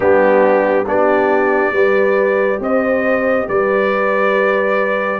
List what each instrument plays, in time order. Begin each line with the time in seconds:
0.00 tuba G3, trombone B3, horn D4, trumpet G4
0.86 tuba B3, trombone D4, horn G4, trumpet D5
1.71 tuba G3, trombone G4, horn B4
2.60 tuba C4, horn C5, trumpet D#5
3.48 tuba G3, horn B4, trumpet D5